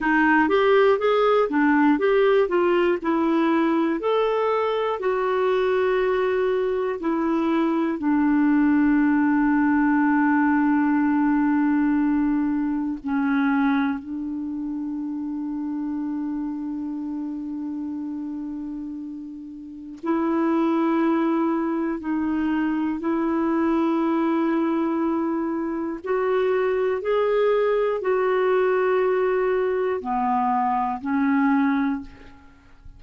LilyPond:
\new Staff \with { instrumentName = "clarinet" } { \time 4/4 \tempo 4 = 60 dis'8 g'8 gis'8 d'8 g'8 f'8 e'4 | a'4 fis'2 e'4 | d'1~ | d'4 cis'4 d'2~ |
d'1 | e'2 dis'4 e'4~ | e'2 fis'4 gis'4 | fis'2 b4 cis'4 | }